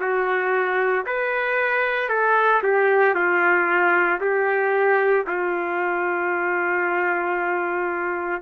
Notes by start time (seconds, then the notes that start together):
0.00 F#4
1.06 B4
2.09 A4
2.63 G4
3.14 F4
4.21 G4
5.27 F4